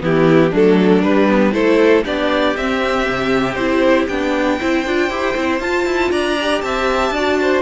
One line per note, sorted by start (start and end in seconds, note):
0.00 0.52 E3
0.00 0.51 B3
0.00 0.50 E4
0.00 0.55 G4
0.50 1.03 F#3
0.50 1.03 A3
0.50 1.52 D4
0.50 1.02 A4
1.02 1.54 G3
1.02 1.29 G3
1.02 1.53 B4
1.29 1.52 B3
1.52 2.05 A3
1.52 2.03 E4
1.52 2.04 A4
1.52 2.04 C5
2.04 2.56 B3
2.04 2.55 D4
2.04 4.58 G4
2.04 2.57 D5
2.57 3.08 C4
2.57 3.58 C4
2.57 3.55 E5
3.09 3.56 C3
3.55 4.07 C4
3.55 4.09 E4
3.55 4.06 C5
4.07 4.60 B3
4.07 4.60 D4
4.07 5.60 G5
4.59 4.86 C4
4.59 4.85 E4
4.59 6.11 C5
4.86 5.10 D4
4.86 5.10 F4
5.10 5.35 E4
5.10 5.36 G4
5.36 5.60 C4
5.36 5.62 E4
5.60 5.85 F4
5.60 6.39 F4
5.60 6.12 A5
5.85 6.11 E4
6.11 6.62 D4
6.11 6.62 D5
6.11 6.61 A#5
6.41 7.15 G4
6.61 7.11 C4
6.61 7.14 E5
6.61 7.62 A5
7.11 7.62 D4
7.11 7.62 F#4
7.11 7.39 D5
7.42 7.62 C5